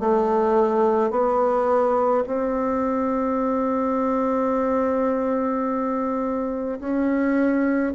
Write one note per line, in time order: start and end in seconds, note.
0.00 1.11 A3
1.11 2.24 B3
2.27 6.80 C4
6.80 7.93 C#4